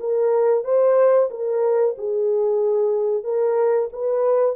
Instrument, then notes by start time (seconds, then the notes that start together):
horn
0.00 A#4
0.64 C5
1.31 A#4
1.98 G#4
3.24 A#4
3.93 B4